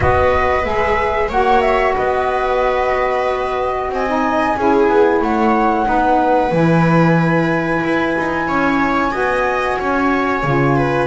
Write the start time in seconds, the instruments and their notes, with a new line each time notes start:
0.00 double bass B3, saxophone F#4, viola B4, flute D#5
0.65 double bass G#3, saxophone G#4, flute E5
1.28 double bass A#3, saxophone F#4, viola C#5, flute F#5
1.61 flute E5
1.95 double bass B3, viola B4, flute D#5
3.89 double bass C4, viola D#5, flute G#5
4.07 saxophone D#4
4.56 double bass C#4, saxophone E4, viola G#4
4.89 double bass B3
5.21 double bass A3, viola C#5, flute F#5
5.84 double bass B3, saxophone D#4, viola B4
6.51 double bass E3, saxophone E4, flute G#5
7.83 double bass E4
8.18 double bass D#4
8.47 double bass C#4, viola C#5
9.10 double bass B3, saxophone F#4, viola D#5
9.79 double bass C#4, viola C#5
10.43 double bass C#3, saxophone F4
10.76 viola B4